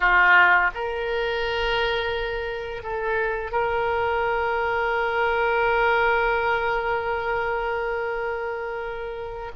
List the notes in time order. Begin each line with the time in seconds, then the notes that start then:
0.00 F4
0.74 A#4
2.82 A4
3.51 A#4